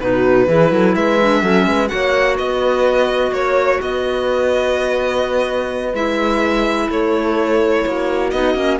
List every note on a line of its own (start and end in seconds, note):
0.00 0.47 B2
0.00 0.48 D#4
0.00 0.47 F#4
0.00 0.95 B4
0.47 0.71 E3
0.47 1.19 E4
0.47 0.71 G#4
0.71 0.94 F#3
0.71 0.94 A4
0.94 1.42 G#3
0.94 1.42 B4
0.94 1.88 E5
1.21 1.42 D4
1.42 1.66 F#3
1.42 1.87 C#4
1.42 1.66 A4
1.66 1.89 G#3
1.66 1.91 B4
1.87 5.92 F#4
1.87 2.35 C#5
1.87 2.35 F#5
1.93 2.38 A#3
2.35 3.31 B3
2.35 3.30 B4
2.35 3.33 D#5
3.31 3.78 A#3
3.31 3.80 C#5
3.81 5.93 B3
3.81 6.91 B4
3.81 5.94 D#5
5.93 6.88 G#3
5.93 8.32 E4
5.93 6.90 E5
6.89 7.84 A3
6.89 7.86 A4
6.89 8.30 C#5
7.86 8.32 A#3
7.86 8.79 F#4
8.30 8.54 B3
8.30 8.55 D#4
8.30 8.78 D#5
8.54 8.78 A#3
8.54 8.79 C#4